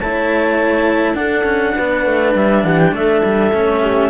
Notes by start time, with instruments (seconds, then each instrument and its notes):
0.00 cello A3 E4, horn C#5, clarinet A5
1.14 cello D4, horn A4, clarinet F#5
1.44 cello C#4
1.76 cello B3, horn B4
2.06 cello A3
2.35 cello G3, clarinet E5
2.64 cello E3, horn G4, clarinet F#5
2.79 clarinet G5
2.93 cello A3, horn A4, clarinet E5
3.25 cello G3
3.53 cello A3 C#4
3.82 horn G4